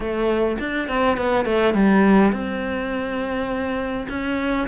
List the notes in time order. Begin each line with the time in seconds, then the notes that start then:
0.00 A3
0.59 D4
0.88 C4
1.17 B3
1.45 A3
1.74 G3
2.32 C4
4.09 C#4